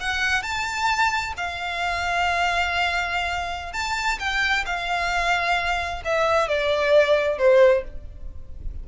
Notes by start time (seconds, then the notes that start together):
0.00 F#5
0.43 A5
1.37 F5
3.73 A5
4.19 G5
4.66 F5
6.05 E5
6.48 D5
7.38 C5